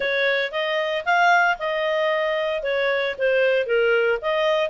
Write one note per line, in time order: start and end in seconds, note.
0.00 0.51 C#5
0.51 1.04 D#5
1.05 1.57 F5
1.58 2.62 D#5
2.62 3.15 C#5
3.18 3.66 C5
3.66 4.18 A#4
4.21 4.70 D#5